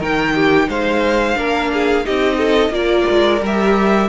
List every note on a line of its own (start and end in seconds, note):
0.00 0.68 D#3
0.00 1.36 D#4
0.00 0.34 A#4
0.00 0.70 G5
0.35 0.69 G4
0.68 1.37 G#3
0.68 1.37 C5
0.68 2.06 F5
1.36 2.06 A#3
1.36 2.04 D4
1.36 1.72 A#4
1.73 2.06 G#4
2.05 2.70 C4
2.05 2.72 D#4
2.05 2.38 G4
2.05 2.74 D#5
2.38 2.72 A4
2.70 3.05 A#3
2.70 3.40 F4
2.70 4.09 A#4
2.70 3.43 D5
3.10 3.42 G#3
3.42 4.09 G3
3.42 4.09 G4
3.42 4.09 E5